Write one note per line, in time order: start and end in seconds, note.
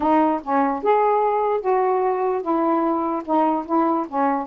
0.00 0.41 D#4
0.43 0.83 C#4
0.83 1.61 G#4
1.61 2.41 F#4
2.41 3.22 E4
3.25 3.65 D#4
3.66 4.06 E4
4.08 4.47 C#4